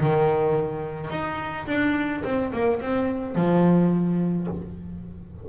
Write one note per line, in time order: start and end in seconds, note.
0.00 1.10 D#3
1.10 1.66 D#4
1.67 2.23 D4
2.24 2.52 C4
2.53 2.81 A#3
2.81 3.35 C4
3.35 4.47 F3